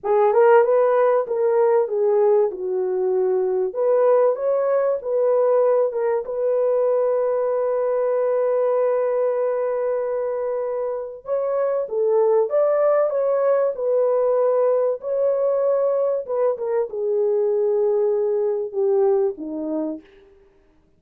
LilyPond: \new Staff \with { instrumentName = "horn" } { \time 4/4 \tempo 4 = 96 gis'8 ais'8 b'4 ais'4 gis'4 | fis'2 b'4 cis''4 | b'4. ais'8 b'2~ | b'1~ |
b'2 cis''4 a'4 | d''4 cis''4 b'2 | cis''2 b'8 ais'8 gis'4~ | gis'2 g'4 dis'4 | }